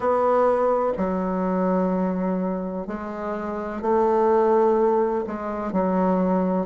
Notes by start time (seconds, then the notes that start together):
0.00 B3
0.97 F#3
2.87 G#3
3.81 A3
5.26 G#3
5.72 F#3